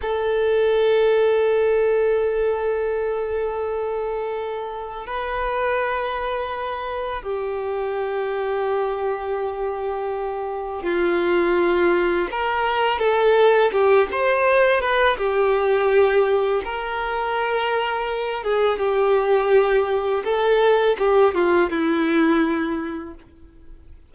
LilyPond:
\new Staff \with { instrumentName = "violin" } { \time 4/4 \tempo 4 = 83 a'1~ | a'2. b'4~ | b'2 g'2~ | g'2. f'4~ |
f'4 ais'4 a'4 g'8 c''8~ | c''8 b'8 g'2 ais'4~ | ais'4. gis'8 g'2 | a'4 g'8 f'8 e'2 | }